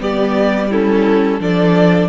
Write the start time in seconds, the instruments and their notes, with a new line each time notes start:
0.00 cello G3, viola B3, violin G4 D5
0.70 viola C#4, violin E4 A4
1.40 cello F3, viola D4, violin A4 D5